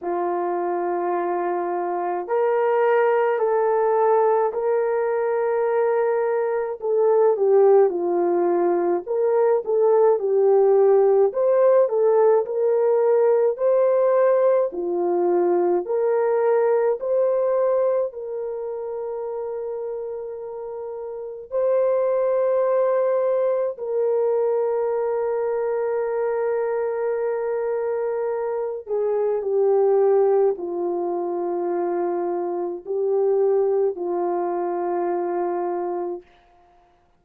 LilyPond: \new Staff \with { instrumentName = "horn" } { \time 4/4 \tempo 4 = 53 f'2 ais'4 a'4 | ais'2 a'8 g'8 f'4 | ais'8 a'8 g'4 c''8 a'8 ais'4 | c''4 f'4 ais'4 c''4 |
ais'2. c''4~ | c''4 ais'2.~ | ais'4. gis'8 g'4 f'4~ | f'4 g'4 f'2 | }